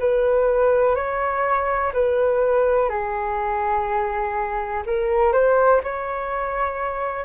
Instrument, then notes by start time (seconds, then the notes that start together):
flute
0.00 B4
0.95 C#5
1.94 B4
2.89 G#4
4.87 A#4
5.33 C5
5.83 C#5